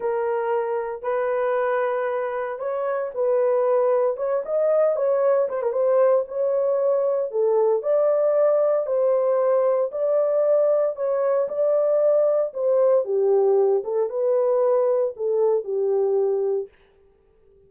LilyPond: \new Staff \with { instrumentName = "horn" } { \time 4/4 \tempo 4 = 115 ais'2 b'2~ | b'4 cis''4 b'2 | cis''8 dis''4 cis''4 c''16 ais'16 c''4 | cis''2 a'4 d''4~ |
d''4 c''2 d''4~ | d''4 cis''4 d''2 | c''4 g'4. a'8 b'4~ | b'4 a'4 g'2 | }